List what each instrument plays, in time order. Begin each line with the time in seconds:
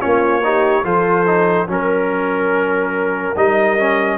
0.00 tuba A#3, trombone C#4, horn F4, trumpet C#5
0.44 trombone D#4, horn G4
0.84 tuba F3, trombone F4, horn A4, trumpet C5
1.26 trombone D#4
1.68 tuba F#3, trombone C#4, horn A#4, trumpet A#4
3.36 tuba G3, trombone D#4, trumpet D#5
3.78 trombone C#4